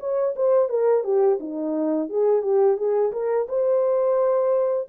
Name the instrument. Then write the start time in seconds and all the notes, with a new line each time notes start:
horn
0.00 C#5
0.36 C5
0.69 A#4
1.04 G4
1.40 D#4
2.10 G#4
2.42 G4
2.77 G#4
3.12 A#4
3.49 C5